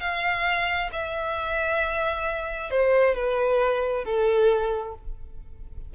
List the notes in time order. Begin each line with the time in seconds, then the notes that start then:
0.00 F5
0.92 E5
2.70 C5
3.15 B4
4.04 A4